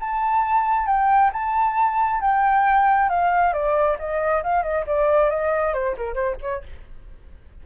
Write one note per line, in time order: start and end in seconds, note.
0.00 0.86 A5
0.86 1.30 G5
1.33 2.21 A5
2.21 3.09 G5
3.09 3.53 F5
3.53 3.97 D5
3.98 4.43 D#5
4.43 4.63 F5
4.63 4.85 D#5
4.86 5.30 D5
5.30 5.74 D#5
5.74 5.96 C5
5.97 6.14 A#4
6.14 6.36 C5
6.41 6.63 C#5